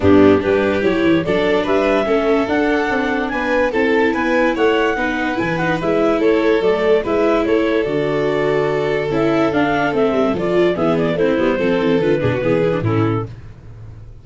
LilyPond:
<<
  \new Staff \with { instrumentName = "clarinet" } { \time 4/4 \tempo 4 = 145 g'4 b'4 cis''4 d''4 | e''2 fis''2 | gis''4 a''4 gis''4 fis''4~ | fis''4 gis''8 fis''8 e''4 cis''4 |
d''4 e''4 cis''4 d''4~ | d''2 e''4 f''4 | e''4 d''4 e''8 d''8 c''4~ | c''4 b'2 a'4 | }
  \new Staff \with { instrumentName = "violin" } { \time 4/4 d'4 g'2 a'4 | b'4 a'2. | b'4 a'4 b'4 cis''4 | b'2. a'4~ |
a'4 b'4 a'2~ | a'1~ | a'2 gis'4 e'4 | a'4. gis'16 fis'16 gis'4 e'4 | }
  \new Staff \with { instrumentName = "viola" } { \time 4/4 b4 d'4 e'4 d'4~ | d'4 cis'4 d'2~ | d'4 e'2. | dis'4 e'8 dis'8 e'2 |
a4 e'2 fis'4~ | fis'2 e'4 d'4 | c'4 f'4 b4 c'8 b8 | c'4 f'8 d'8 b8 e'16 d'16 cis'4 | }
  \new Staff \with { instrumentName = "tuba" } { \time 4/4 g,4 g4 fis8 e8 fis4 | g4 a4 d'4 c'4 | b4 c'4 b4 a4 | b4 e4 gis4 a4 |
fis4 gis4 a4 d4~ | d2 cis'4 d'4 | a8 g8 f4 e4 a8 g8 | f8 e8 d8 b,8 e4 a,4 | }
>>